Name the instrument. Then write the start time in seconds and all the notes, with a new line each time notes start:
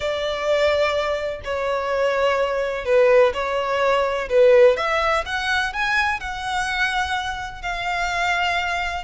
violin
0.00 D5
1.44 C#5
2.85 B4
3.33 C#5
4.29 B4
4.76 E5
5.25 F#5
5.73 G#5
6.20 F#5
7.61 F5